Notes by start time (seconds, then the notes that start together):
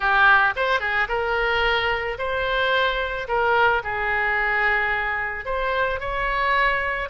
0.00 G4
0.56 C5
0.80 G#4
1.08 A#4
2.18 C5
3.28 A#4
3.83 G#4
5.45 C5
6.00 C#5